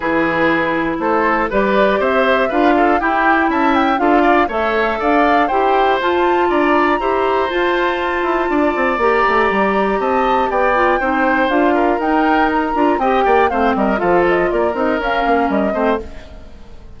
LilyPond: <<
  \new Staff \with { instrumentName = "flute" } { \time 4/4 \tempo 4 = 120 b'2 c''4 d''4 | e''4 f''4 g''4 a''8 g''8 | f''4 e''4 f''4 g''4 | a''4 ais''2 a''4~ |
a''2 ais''2 | a''4 g''2 f''4 | g''4 ais''4 g''4 f''8 dis''8 | f''8 dis''8 d''8 dis''8 f''4 dis''4 | }
  \new Staff \with { instrumentName = "oboe" } { \time 4/4 gis'2 a'4 b'4 | c''4 b'8 a'8 g'4 e''4 | a'8 d''8 cis''4 d''4 c''4~ | c''4 d''4 c''2~ |
c''4 d''2. | dis''4 d''4 c''4. ais'8~ | ais'2 dis''8 d''8 c''8 ais'8 | a'4 ais'2~ ais'8 c''8 | }
  \new Staff \with { instrumentName = "clarinet" } { \time 4/4 e'2. g'4~ | g'4 f'4 e'2 | f'4 a'2 g'4 | f'2 g'4 f'4~ |
f'2 g'2~ | g'4. f'8 dis'4 f'4 | dis'4. f'8 g'4 c'4 | f'4. dis'8 cis'4. c'8 | }
  \new Staff \with { instrumentName = "bassoon" } { \time 4/4 e2 a4 g4 | c'4 d'4 e'4 cis'4 | d'4 a4 d'4 e'4 | f'4 d'4 e'4 f'4~ |
f'8 e'8 d'8 c'8 ais8 a8 g4 | c'4 b4 c'4 d'4 | dis'4. d'8 c'8 ais8 a8 g8 | f4 ais8 c'8 cis'8 ais8 g8 a8 | }
>>